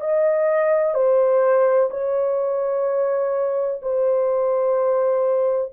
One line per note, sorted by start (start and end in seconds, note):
0.00 0.94 D#5
0.94 1.89 C5
1.90 3.81 C#5
3.82 5.72 C5